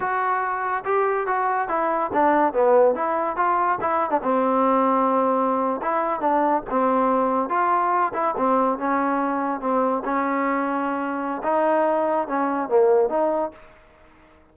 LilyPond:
\new Staff \with { instrumentName = "trombone" } { \time 4/4 \tempo 4 = 142 fis'2 g'4 fis'4 | e'4 d'4 b4 e'4 | f'4 e'8. d'16 c'2~ | c'4.~ c'16 e'4 d'4 c'16~ |
c'4.~ c'16 f'4. e'8 c'16~ | c'8. cis'2 c'4 cis'16~ | cis'2. dis'4~ | dis'4 cis'4 ais4 dis'4 | }